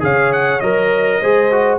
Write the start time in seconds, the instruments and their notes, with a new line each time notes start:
0.00 tuba C#3, trombone G#4, horn C#5, trumpet F5
0.33 trumpet F#5
0.60 tuba F#3, trombone A#4, trumpet D#5
1.21 tuba G#3, trombone G#4, horn C5
1.51 trombone F#4